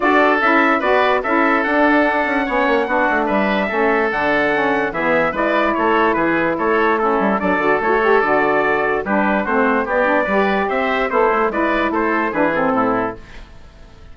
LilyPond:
<<
  \new Staff \with { instrumentName = "trumpet" } { \time 4/4 \tempo 4 = 146 d''4 e''4 d''4 e''4 | fis''1 | e''2 fis''2 | e''4 d''4 cis''4 b'4 |
cis''4 a'4 d''4 cis''4 | d''2 b'4 c''4 | d''2 e''4 c''4 | d''4 c''4 b'8 a'4. | }
  \new Staff \with { instrumentName = "oboe" } { \time 4/4 a'2 b'4 a'4~ | a'2 cis''4 fis'4 | b'4 a'2. | gis'4 b'4 a'4 gis'4 |
a'4 e'4 a'2~ | a'2 g'4 fis'4 | g'4 b'4 c''4 e'4 | b'4 a'4 gis'4 e'4 | }
  \new Staff \with { instrumentName = "saxophone" } { \time 4/4 fis'4 e'4 fis'4 e'4 | d'2 cis'4 d'4~ | d'4 cis'4 d'4 cis'4 | b4 e'2.~ |
e'4 cis'4 d'8 fis'8 e'16 fis'16 g'8 | fis'2 d'4 c'4 | b8 d'8 g'2 a'4 | e'2 d'8 c'4. | }
  \new Staff \with { instrumentName = "bassoon" } { \time 4/4 d'4 cis'4 b4 cis'4 | d'4. cis'8 b8 ais8 b8 a8 | g4 a4 d2 | e4 gis4 a4 e4 |
a4. g8 fis8 d8 a4 | d2 g4 a4 | b4 g4 c'4 b8 a8 | gis4 a4 e4 a,4 | }
>>